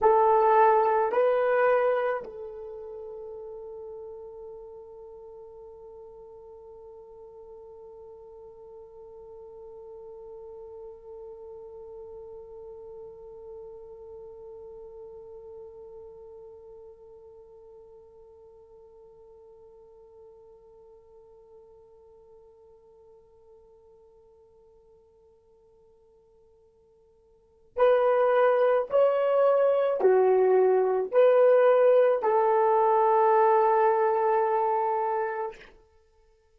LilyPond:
\new Staff \with { instrumentName = "horn" } { \time 4/4 \tempo 4 = 54 a'4 b'4 a'2~ | a'1~ | a'1~ | a'1~ |
a'1~ | a'1~ | a'4 b'4 cis''4 fis'4 | b'4 a'2. | }